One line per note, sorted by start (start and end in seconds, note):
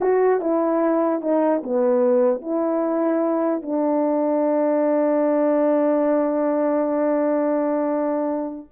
0.01 0.40 F#4
0.40 1.21 E4
1.21 1.61 D#4
1.63 2.41 B3
2.41 3.62 E4
3.62 8.68 D4